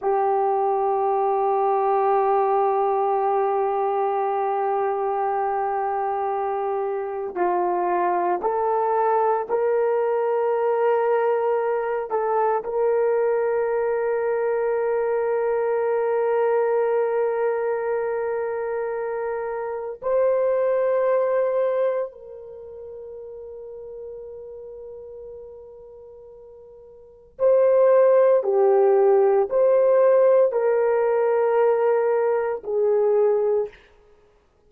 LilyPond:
\new Staff \with { instrumentName = "horn" } { \time 4/4 \tempo 4 = 57 g'1~ | g'2. f'4 | a'4 ais'2~ ais'8 a'8 | ais'1~ |
ais'2. c''4~ | c''4 ais'2.~ | ais'2 c''4 g'4 | c''4 ais'2 gis'4 | }